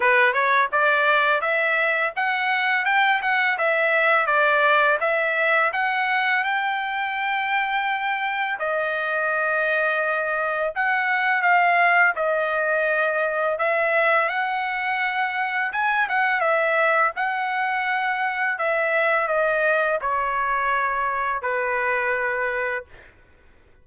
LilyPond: \new Staff \with { instrumentName = "trumpet" } { \time 4/4 \tempo 4 = 84 b'8 cis''8 d''4 e''4 fis''4 | g''8 fis''8 e''4 d''4 e''4 | fis''4 g''2. | dis''2. fis''4 |
f''4 dis''2 e''4 | fis''2 gis''8 fis''8 e''4 | fis''2 e''4 dis''4 | cis''2 b'2 | }